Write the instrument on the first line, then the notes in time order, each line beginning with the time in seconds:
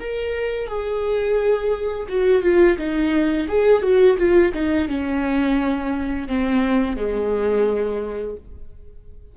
viola
0.00 A#4
0.68 G#4
2.09 F#4
2.43 F4
2.78 D#4
3.49 G#4
3.82 F#4
4.18 F4
4.54 D#4
4.89 C#4
6.28 C4
6.97 G#3